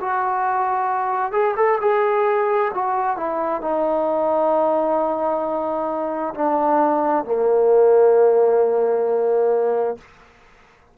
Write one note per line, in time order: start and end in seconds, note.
0.00 1.32 F#4
1.32 1.55 G#4
1.56 1.79 A4
1.81 2.71 G#4
2.74 3.17 F#4
3.17 3.61 E4
3.61 6.34 D#4
6.34 7.25 D4
7.25 9.98 A#3